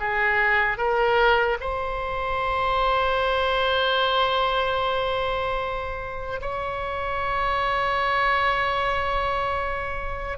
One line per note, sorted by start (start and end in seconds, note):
0.00 0.78 G#4
0.78 1.58 A#4
1.61 6.41 C5
6.41 10.38 C#5